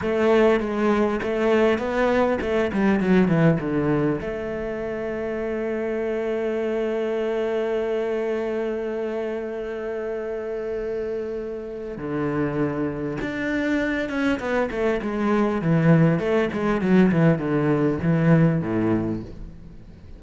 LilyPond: \new Staff \with { instrumentName = "cello" } { \time 4/4 \tempo 4 = 100 a4 gis4 a4 b4 | a8 g8 fis8 e8 d4 a4~ | a1~ | a1~ |
a1 | d2 d'4. cis'8 | b8 a8 gis4 e4 a8 gis8 | fis8 e8 d4 e4 a,4 | }